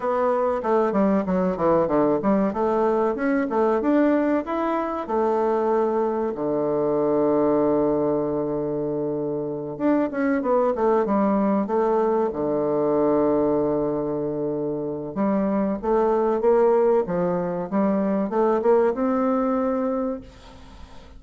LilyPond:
\new Staff \with { instrumentName = "bassoon" } { \time 4/4 \tempo 4 = 95 b4 a8 g8 fis8 e8 d8 g8 | a4 cis'8 a8 d'4 e'4 | a2 d2~ | d2.~ d8 d'8 |
cis'8 b8 a8 g4 a4 d8~ | d1 | g4 a4 ais4 f4 | g4 a8 ais8 c'2 | }